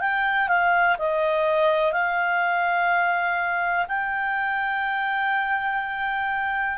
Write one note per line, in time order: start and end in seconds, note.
0.00 0.48 G5
0.48 0.96 F5
0.99 1.92 D#5
1.92 3.86 F5
3.88 6.77 G5